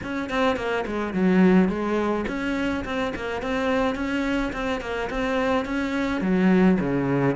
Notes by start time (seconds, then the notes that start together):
0.03 C#4
0.29 C4
0.56 A#3
0.86 G#3
1.13 F#3
1.68 G#3
2.27 C#4
2.85 C4
3.15 A#3
3.42 C4
3.95 C#4
4.52 C4
4.81 A#3
5.10 C4
5.65 C#4
6.21 F#3
6.80 C#3